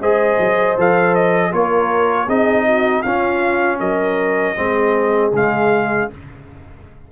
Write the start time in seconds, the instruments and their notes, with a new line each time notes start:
0.00 tuba G#3, trombone G#4, horn C5, trumpet D#5
0.39 tuba F#3
0.77 tuba F3, trombone A4, trumpet F5
1.15 trumpet D#5
1.52 tuba A#3, trombone F4, horn A#4, trumpet C#5
2.27 tuba C4, trombone D#4, horn G#4, trumpet D#5
2.66 horn F#4
3.02 tuba C#4, trombone C#4, horn F4, trumpet F5
3.79 tuba F#3, horn A#4, trumpet D#5
4.55 tuba G#3, trombone C4, horn G#4
5.32 tuba C#3, trombone G#3, trumpet F5